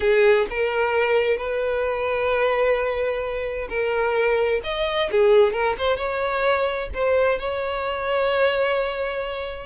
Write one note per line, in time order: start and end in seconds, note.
0.00 0.46 G#4
0.50 1.37 A#4
1.37 3.67 B4
3.69 4.61 A#4
4.63 5.09 D#5
5.11 5.53 G#4
5.53 5.76 A#4
5.78 5.96 C5
5.96 6.89 C#5
6.94 7.39 C5
7.39 9.66 C#5